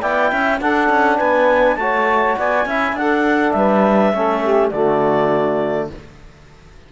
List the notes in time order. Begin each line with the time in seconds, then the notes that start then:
0.00 B3 E4 D5 G5
0.29 C#4 E5
0.60 D4 A4 F#5
0.89 C#4
1.16 B3 B4 G#5
1.76 A3 F#4 C#5 A5
2.37 B3 D5 G#5
2.65 C#4 E4 E5
2.92 D4 F#5
2.98 A4
3.51 G3 B4 E5
4.12 A3 C#4 A4
4.42 G4
4.69 D3 A3 F#4 D5